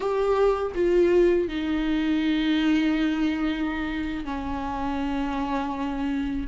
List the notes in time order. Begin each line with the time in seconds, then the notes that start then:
0.00 G4
0.74 F4
1.48 D#4
4.24 C#4